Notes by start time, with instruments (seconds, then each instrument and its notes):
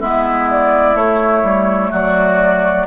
0.00 bassoon G#3, clarinet B3, oboe E4, flute E5
0.50 flute D5
0.95 bassoon A3, clarinet A3, flute C#5
1.43 bassoon G3
1.90 bassoon F#3, oboe F#4, flute D5